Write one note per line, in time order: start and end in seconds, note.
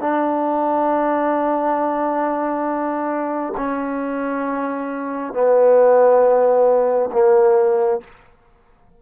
0.00 3.53 D4
3.57 5.33 C#4
5.33 7.09 B3
7.12 8.01 A#3